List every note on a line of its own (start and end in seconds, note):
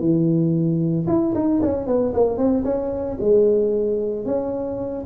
0.00 1.06 E3
1.07 1.34 E4
1.35 1.61 D#4
1.62 1.87 C#4
1.87 2.14 B3
2.14 2.38 A#3
2.38 2.64 C4
2.65 3.18 C#4
3.21 4.26 G#3
4.26 5.06 C#4